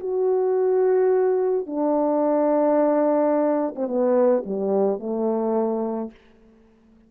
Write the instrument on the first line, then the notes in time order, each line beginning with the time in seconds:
horn
0.00 F#4
1.67 D4
3.76 C4
3.88 B3
4.46 G3
5.00 A3